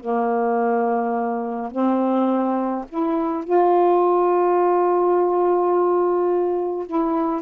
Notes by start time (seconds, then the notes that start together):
0.00 A#3
1.71 C4
2.89 E4
3.44 F4
6.86 E4